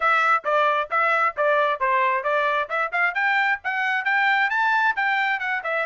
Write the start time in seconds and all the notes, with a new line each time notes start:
0.00 E5
0.44 D5
0.90 E5
1.37 D5
1.80 C5
2.23 D5
2.69 E5
2.92 F5
3.14 G5
3.64 F#5
4.04 G5
4.50 A5
4.96 G5
5.39 F#5
5.63 E5